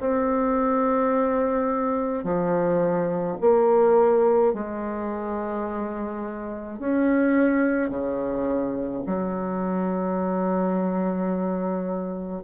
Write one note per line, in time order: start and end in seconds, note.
0.00 2.24 C4
2.24 3.38 F3
3.41 4.54 A#3
4.54 6.80 G#3
6.80 7.90 C#4
7.90 9.03 C#3
9.07 12.44 F#3